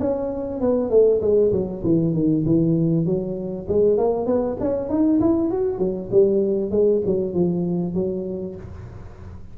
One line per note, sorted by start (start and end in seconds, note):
0.00 0.61 C#4
0.61 0.91 B3
0.91 1.21 A3
1.22 1.52 G#3
1.53 1.83 F#3
1.84 2.14 E3
2.14 2.45 D#3
2.46 3.06 E3
3.06 3.67 F#3
3.69 3.98 G#3
3.98 4.27 A#3
4.27 4.57 B3
4.61 4.90 C#4
4.90 5.20 D#4
5.21 5.51 E4
5.51 5.79 F#4
5.79 6.09 F#3
6.12 6.71 G3
6.71 7.02 G#3
7.06 7.34 F#3
7.34 7.95 F3
7.95 8.56 F#3